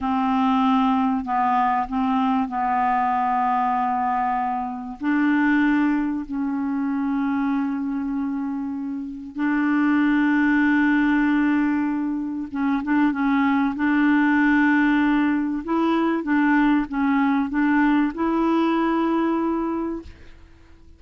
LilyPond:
\new Staff \with { instrumentName = "clarinet" } { \time 4/4 \tempo 4 = 96 c'2 b4 c'4 | b1 | d'2 cis'2~ | cis'2. d'4~ |
d'1 | cis'8 d'8 cis'4 d'2~ | d'4 e'4 d'4 cis'4 | d'4 e'2. | }